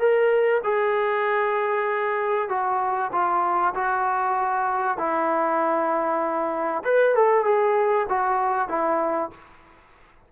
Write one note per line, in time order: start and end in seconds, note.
0.00 0.62 A#4
0.64 2.49 G#4
2.49 3.11 F#4
3.13 3.75 F4
3.75 4.98 F#4
4.98 6.84 E4
6.85 7.16 B4
7.16 7.45 A4
7.45 8.07 G#4
8.09 8.69 F#4
8.69 9.31 E4